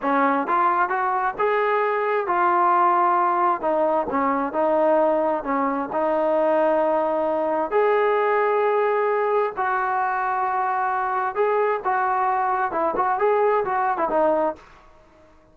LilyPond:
\new Staff \with { instrumentName = "trombone" } { \time 4/4 \tempo 4 = 132 cis'4 f'4 fis'4 gis'4~ | gis'4 f'2. | dis'4 cis'4 dis'2 | cis'4 dis'2.~ |
dis'4 gis'2.~ | gis'4 fis'2.~ | fis'4 gis'4 fis'2 | e'8 fis'8 gis'4 fis'8. e'16 dis'4 | }